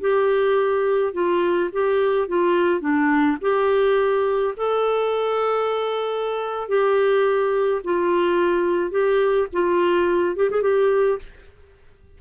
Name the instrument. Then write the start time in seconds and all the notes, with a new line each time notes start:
clarinet
0.00 G4
1.13 F4
1.72 G4
2.28 F4
2.80 D4
3.41 G4
4.57 A4
6.68 G4
7.84 F4
8.90 G4
9.52 F4
10.36 G4
10.50 G#4
10.62 G4